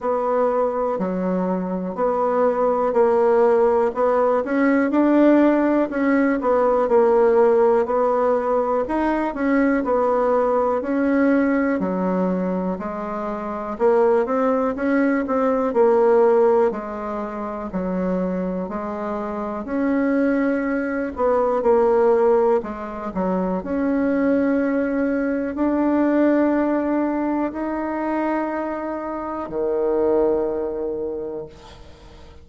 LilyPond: \new Staff \with { instrumentName = "bassoon" } { \time 4/4 \tempo 4 = 61 b4 fis4 b4 ais4 | b8 cis'8 d'4 cis'8 b8 ais4 | b4 dis'8 cis'8 b4 cis'4 | fis4 gis4 ais8 c'8 cis'8 c'8 |
ais4 gis4 fis4 gis4 | cis'4. b8 ais4 gis8 fis8 | cis'2 d'2 | dis'2 dis2 | }